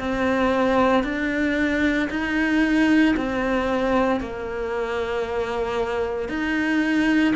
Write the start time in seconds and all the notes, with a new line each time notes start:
0.00 C4
1.04 D4
2.11 D#4
3.17 C4
4.21 A#3
6.29 D#4